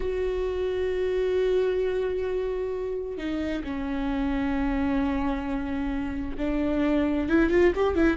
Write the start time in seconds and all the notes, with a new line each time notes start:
0.00 F#4
3.17 D#4
3.64 C#4
6.37 D4
7.28 E4
7.50 F4
7.75 G4
7.95 E4